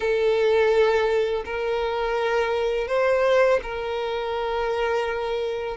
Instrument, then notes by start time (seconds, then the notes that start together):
violin
0.00 A4
1.45 A#4
2.87 C5
3.62 A#4